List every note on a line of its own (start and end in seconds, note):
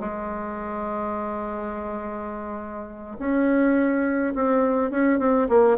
0.00 3.17 G#3
3.19 4.34 C#4
4.35 4.91 C4
4.91 5.19 C#4
5.19 5.48 C4
5.49 5.78 A#3